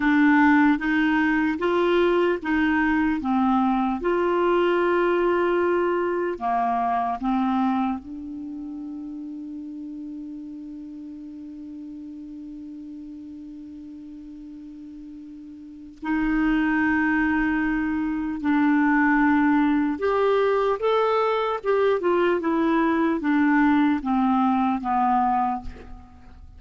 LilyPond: \new Staff \with { instrumentName = "clarinet" } { \time 4/4 \tempo 4 = 75 d'4 dis'4 f'4 dis'4 | c'4 f'2. | ais4 c'4 d'2~ | d'1~ |
d'1 | dis'2. d'4~ | d'4 g'4 a'4 g'8 f'8 | e'4 d'4 c'4 b4 | }